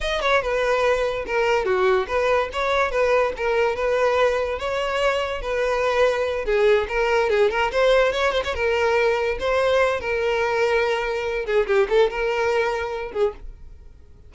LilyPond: \new Staff \with { instrumentName = "violin" } { \time 4/4 \tempo 4 = 144 dis''8 cis''8 b'2 ais'4 | fis'4 b'4 cis''4 b'4 | ais'4 b'2 cis''4~ | cis''4 b'2~ b'8 gis'8~ |
gis'8 ais'4 gis'8 ais'8 c''4 cis''8 | c''16 cis''16 ais'2 c''4. | ais'2.~ ais'8 gis'8 | g'8 a'8 ais'2~ ais'8 gis'8 | }